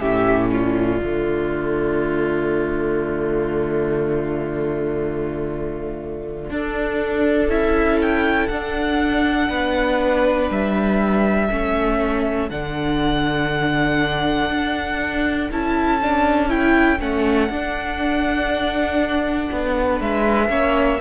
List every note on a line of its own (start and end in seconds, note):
0.00 1.01 A2
0.00 1.00 C#4
0.00 0.51 G4
0.00 0.50 E5
0.50 6.52 F4
0.50 7.50 D5
1.02 6.50 D3
1.02 6.51 A3
6.50 7.49 D4
6.50 7.50 D4
6.50 9.50 A4
7.49 8.49 C#4
7.49 8.50 E4
7.49 8.00 E5
8.02 8.48 G5
8.48 9.50 D4
8.48 11.50 D4
8.48 10.48 F#5
9.50 10.50 B3
9.50 11.48 B4
10.50 11.50 G3
10.50 12.50 E5
11.48 12.51 A3
11.48 12.50 C#4
11.48 19.97 A4
12.50 14.51 D3
12.50 15.51 D4
12.50 15.50 F#5
14.51 15.51 D4
15.51 17.00 C#4
15.51 16.01 E4
15.51 16.51 A5
16.02 16.49 D4
16.49 16.99 E4
16.49 17.01 G5
17.00 17.50 A3
17.00 17.50 C#4
17.00 20.01 F#5
17.50 19.50 D4
17.50 20.50 D4
19.51 20.01 B3
19.97 20.50 G#3
19.97 20.47 B4
19.97 21.01 E5
20.50 21.00 A#3
20.50 21.00 C#4
20.50 21.01 C#5